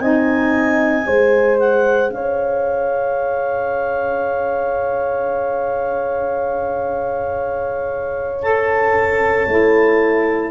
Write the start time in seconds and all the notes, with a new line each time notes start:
0.00 C4 D#4 D#5 G#5
1.04 G#3 G#4 C5
1.60 F#5
2.09 C#4 C#5 F5
8.42 A4 A5
9.47 A3 E4